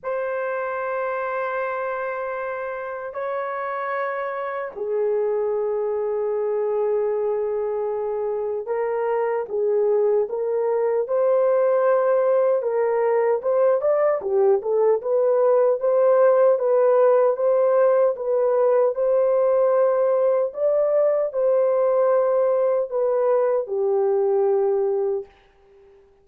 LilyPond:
\new Staff \with { instrumentName = "horn" } { \time 4/4 \tempo 4 = 76 c''1 | cis''2 gis'2~ | gis'2. ais'4 | gis'4 ais'4 c''2 |
ais'4 c''8 d''8 g'8 a'8 b'4 | c''4 b'4 c''4 b'4 | c''2 d''4 c''4~ | c''4 b'4 g'2 | }